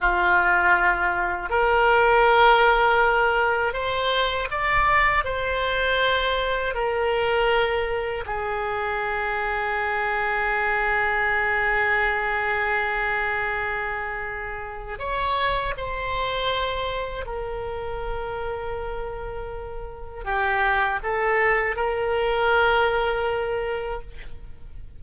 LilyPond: \new Staff \with { instrumentName = "oboe" } { \time 4/4 \tempo 4 = 80 f'2 ais'2~ | ais'4 c''4 d''4 c''4~ | c''4 ais'2 gis'4~ | gis'1~ |
gis'1 | cis''4 c''2 ais'4~ | ais'2. g'4 | a'4 ais'2. | }